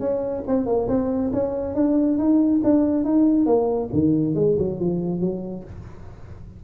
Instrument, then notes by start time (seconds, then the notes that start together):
tuba
0.00 C#4
0.47 C4
0.66 A#3
0.88 C4
1.33 C#4
1.75 D4
2.18 D#4
2.64 D4
3.05 D#4
3.46 A#3
3.93 D#3
4.35 G#3
4.59 F#3
4.80 F3
5.21 F#3